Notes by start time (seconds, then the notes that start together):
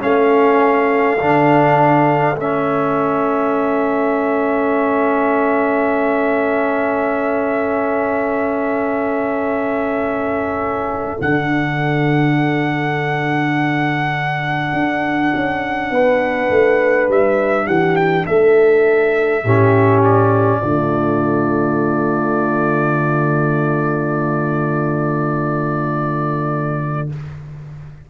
0.00 A3 C#4 A4 F5
1.18 D3 D4
2.37 A3 C#4 E5
11.18 D3 D4 F#5
14.74 D4
15.35 C#4
15.91 B3 B4
16.50 A3
17.08 G3 E5
17.66 E3 G4 F#5
17.96 G5
18.26 A3 A4 E5
19.44 A2 C#4 G4
20.04 D5
20.61 D3 A3 F4